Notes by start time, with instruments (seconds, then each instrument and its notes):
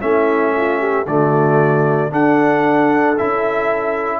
0.00 tuba A3, trombone C#4, horn E4, trumpet E5
0.56 horn F4
0.79 horn G4
1.06 tuba D3, trombone A3, horn F#4, trumpet D5
2.10 trombone D4, tuba D4, horn A4, trumpet F#5
3.18 tuba C#4, trombone E4, trumpet E5